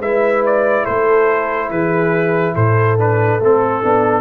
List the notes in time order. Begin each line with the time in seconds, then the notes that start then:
0.00 G#3 E4 B4 E5
0.46 D5
0.85 A3 A4 C5
1.71 E3 G#4 B4
2.54 A2 A4 C5
2.98 D4 B4
3.40 A3 C4 A4
3.83 B3 D4